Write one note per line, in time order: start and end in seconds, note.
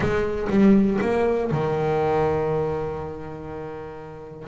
0.00 0.48 G#3
0.49 0.99 G3
1.01 1.50 A#3
1.51 4.47 D#3